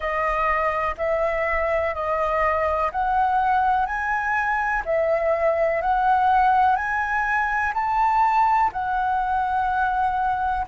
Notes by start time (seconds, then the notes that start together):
0.00 D#5
0.97 E5
1.94 D#5
2.91 F#5
3.86 G#5
4.85 E5
5.81 F#5
6.76 G#5
7.74 A5
8.72 F#5